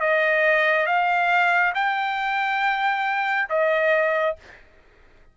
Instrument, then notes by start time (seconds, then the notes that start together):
trumpet
0.00 D#5
0.86 F5
1.74 G5
3.49 D#5